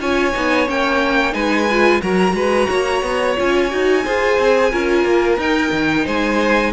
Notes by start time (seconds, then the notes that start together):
0.00 C#4 F4 C#5 G#5
0.34 B3 D#4
0.68 A#3 C#4 G5
1.32 G#3 D#4 B4 G#5
1.71 F4
2.02 F#3 F#4 A#4 A#5
2.33 G#3 B4
2.70 A#3 C#5
3.02 B3
3.37 C#4 F4 G#5
3.70 D#4 F#4
4.05 F4 G#4 C5
4.39 C4
4.71 C#4 F4 A#4
5.04 A#3
5.37 D#4 G5
5.72 D#3
6.05 G#3 C5 G#5